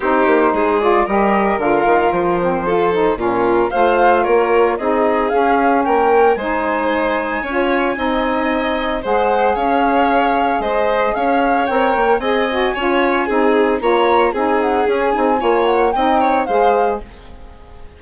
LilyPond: <<
  \new Staff \with { instrumentName = "flute" } { \time 4/4 \tempo 4 = 113 c''4. d''8 dis''4 f''4 | c''2 ais'4 f''4 | cis''4 dis''4 f''4 g''4 | gis''1~ |
gis''4 fis''4 f''2 | dis''4 f''4 g''4 gis''4~ | gis''2 ais''4 gis''8 fis''8 | gis''4. fis''8 g''4 f''4 | }
  \new Staff \with { instrumentName = "violin" } { \time 4/4 g'4 gis'4 ais'2~ | ais'4 a'4 f'4 c''4 | ais'4 gis'2 ais'4 | c''2 cis''4 dis''4~ |
dis''4 c''4 cis''2 | c''4 cis''2 dis''4 | cis''4 gis'4 cis''4 gis'4~ | gis'4 cis''4 dis''8 cis''8 c''4 | }
  \new Staff \with { instrumentName = "saxophone" } { \time 4/4 dis'4. f'8 g'4 f'4~ | f'8 c'8 f'8 dis'8 cis'4 f'4~ | f'4 dis'4 cis'2 | dis'2 f'4 dis'4~ |
dis'4 gis'2.~ | gis'2 ais'4 gis'8 fis'8 | f'4 dis'4 f'4 dis'4 | cis'8 dis'8 f'4 dis'4 gis'4 | }
  \new Staff \with { instrumentName = "bassoon" } { \time 4/4 c'8 ais8 gis4 g4 d8 dis8 | f2 ais,4 a4 | ais4 c'4 cis'4 ais4 | gis2 cis'4 c'4~ |
c'4 gis4 cis'2 | gis4 cis'4 c'8 ais8 c'4 | cis'4 c'4 ais4 c'4 | cis'8 c'8 ais4 c'4 gis4 | }
>>